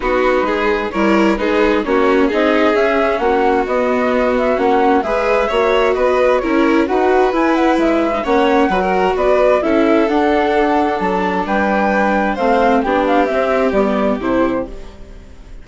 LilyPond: <<
  \new Staff \with { instrumentName = "flute" } { \time 4/4 \tempo 4 = 131 b'2 cis''4 b'4 | cis''4 dis''4 e''4 fis''4 | dis''4. e''8 fis''4 e''4~ | e''4 dis''4 cis''4 fis''4 |
gis''8 fis''8 e''4 fis''2 | d''4 e''4 fis''2 | a''4 g''2 f''4 | g''8 f''8 e''4 d''4 c''4 | }
  \new Staff \with { instrumentName = "violin" } { \time 4/4 fis'4 gis'4 ais'4 gis'4 | fis'4 gis'2 fis'4~ | fis'2. b'4 | cis''4 b'4 ais'4 b'4~ |
b'2 cis''4 b'16 ais'8. | b'4 a'2.~ | a'4 b'2 c''4 | g'1 | }
  \new Staff \with { instrumentName = "viola" } { \time 4/4 dis'2 e'4 dis'4 | cis'4 dis'4 cis'2 | b2 cis'4 gis'4 | fis'2 e'4 fis'4 |
e'4.~ e'16 dis'16 cis'4 fis'4~ | fis'4 e'4 d'2~ | d'2. c'4 | d'4 c'4 b4 e'4 | }
  \new Staff \with { instrumentName = "bassoon" } { \time 4/4 b4 gis4 g4 gis4 | ais4 c'4 cis'4 ais4 | b2 ais4 gis4 | ais4 b4 cis'4 dis'4 |
e'4 gis4 ais4 fis4 | b4 cis'4 d'2 | fis4 g2 a4 | b4 c'4 g4 c4 | }
>>